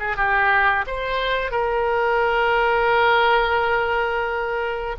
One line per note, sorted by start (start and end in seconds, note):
0.00 0.17 G#4
0.17 0.86 G4
0.87 1.52 C5
1.52 4.97 A#4